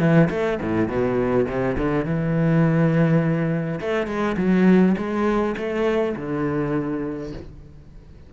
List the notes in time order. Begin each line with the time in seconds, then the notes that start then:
0.00 E3
0.30 A3
0.62 A2
0.88 B2
1.48 C3
1.78 D3
2.06 E3
3.81 A3
4.07 G#3
4.37 F#3
4.98 G#3
5.57 A3
6.16 D3